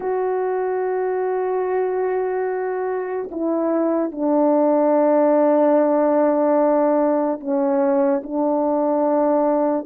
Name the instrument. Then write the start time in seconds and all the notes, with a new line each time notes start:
horn
0.00 F#4
3.31 E4
4.11 D4
7.40 C#4
8.23 D4